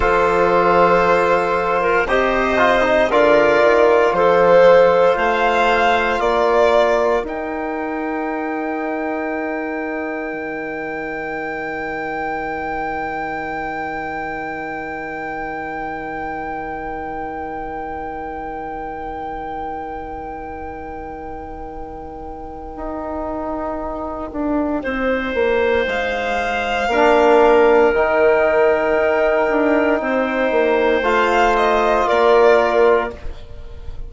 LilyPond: <<
  \new Staff \with { instrumentName = "violin" } { \time 4/4 \tempo 4 = 58 c''2 dis''4 d''4 | c''4 f''4 d''4 g''4~ | g''1~ | g''1~ |
g''1~ | g''1~ | g''4 f''2 g''4~ | g''2 f''8 dis''8 d''4 | }
  \new Staff \with { instrumentName = "clarinet" } { \time 4/4 a'4.~ a'16 ais'16 c''4 ais'4 | a'4 c''4 ais'2~ | ais'1~ | ais'1~ |
ais'1~ | ais'1 | c''2 ais'2~ | ais'4 c''2 ais'4 | }
  \new Staff \with { instrumentName = "trombone" } { \time 4/4 f'2 g'8 f'16 dis'16 f'4~ | f'2. dis'4~ | dis'1~ | dis'1~ |
dis'1~ | dis'1~ | dis'2 d'4 dis'4~ | dis'2 f'2 | }
  \new Staff \with { instrumentName = "bassoon" } { \time 4/4 f2 c4 d8 dis8 | f4 a4 ais4 dis'4~ | dis'2 dis2~ | dis1~ |
dis1~ | dis2 dis'4. d'8 | c'8 ais8 gis4 ais4 dis4 | dis'8 d'8 c'8 ais8 a4 ais4 | }
>>